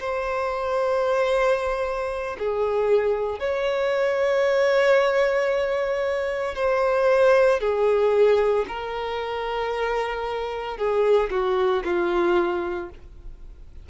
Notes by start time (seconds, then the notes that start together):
0.00 C5
2.39 G#4
3.40 C#5
6.55 C5
7.60 G#4
8.68 A#4
10.78 G#4
11.31 F#4
11.84 F4